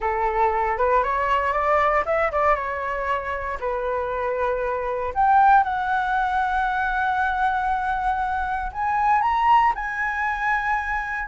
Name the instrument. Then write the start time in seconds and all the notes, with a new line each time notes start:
flute
0.00 A4
0.77 B4
1.03 C#5
1.52 D5
2.05 E5
2.31 D5
2.55 C#5
3.59 B4
5.14 G5
5.63 F#5
8.72 G#5
9.21 A#5
9.75 G#5